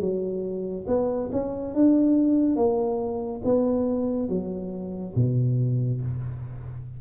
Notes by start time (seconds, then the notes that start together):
0.00 F#3
0.88 B3
1.32 C#4
1.75 D4
2.56 A#3
3.44 B3
4.29 F#3
5.16 B2